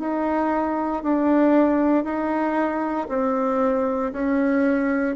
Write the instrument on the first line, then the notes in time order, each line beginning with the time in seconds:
bassoon
0.00 D#4
1.03 D4
2.05 D#4
3.09 C4
4.13 C#4